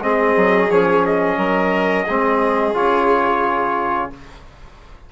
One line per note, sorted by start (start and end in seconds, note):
0.00 0.34 G#3
0.00 0.71 C4
0.00 1.38 G#4
0.00 0.71 D#5
0.37 0.70 F#3
0.70 1.37 F3
0.70 2.08 C#4
0.70 1.05 C#5
1.06 2.76 D#5
1.37 2.06 F#3
1.37 2.05 A#4
2.05 2.74 G#3
2.05 2.74 C4
2.05 4.10 G#4
2.74 4.10 C#3
2.74 4.10 F4
2.74 4.12 C#5